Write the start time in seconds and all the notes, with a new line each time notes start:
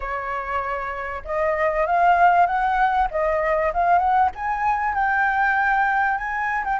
0.00 C#5
1.25 D#5
1.86 F5
2.46 F#5
3.11 D#5
3.73 F5
3.98 F#5
4.35 G#5
4.94 G5
6.17 G#5
6.64 G5